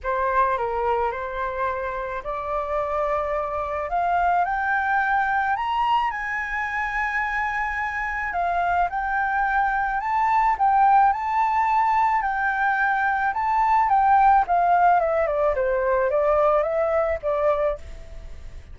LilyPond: \new Staff \with { instrumentName = "flute" } { \time 4/4 \tempo 4 = 108 c''4 ais'4 c''2 | d''2. f''4 | g''2 ais''4 gis''4~ | gis''2. f''4 |
g''2 a''4 g''4 | a''2 g''2 | a''4 g''4 f''4 e''8 d''8 | c''4 d''4 e''4 d''4 | }